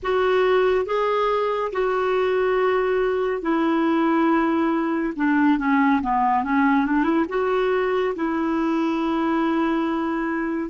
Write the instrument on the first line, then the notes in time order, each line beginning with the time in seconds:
clarinet
0.02 F#4
0.85 G#4
1.72 F#4
3.42 E4
5.16 D4
5.58 C#4
6.02 B3
6.43 C#4
6.86 D4
7.03 E4
7.28 F#4
8.15 E4